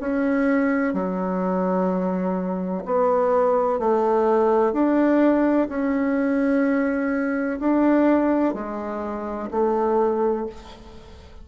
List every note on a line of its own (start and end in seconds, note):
0.00 0.94 C#4
0.94 2.84 F#3
2.85 3.79 B3
3.79 4.72 A3
4.72 5.68 D4
5.69 7.59 C#4
7.60 8.54 D4
8.54 9.49 G#3
9.51 10.46 A3